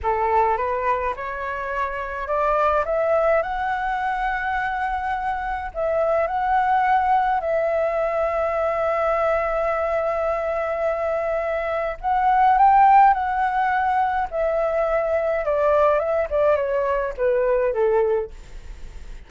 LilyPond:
\new Staff \with { instrumentName = "flute" } { \time 4/4 \tempo 4 = 105 a'4 b'4 cis''2 | d''4 e''4 fis''2~ | fis''2 e''4 fis''4~ | fis''4 e''2.~ |
e''1~ | e''4 fis''4 g''4 fis''4~ | fis''4 e''2 d''4 | e''8 d''8 cis''4 b'4 a'4 | }